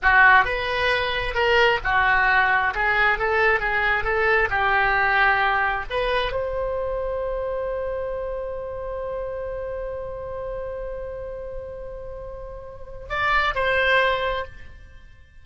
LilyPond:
\new Staff \with { instrumentName = "oboe" } { \time 4/4 \tempo 4 = 133 fis'4 b'2 ais'4 | fis'2 gis'4 a'4 | gis'4 a'4 g'2~ | g'4 b'4 c''2~ |
c''1~ | c''1~ | c''1~ | c''4 d''4 c''2 | }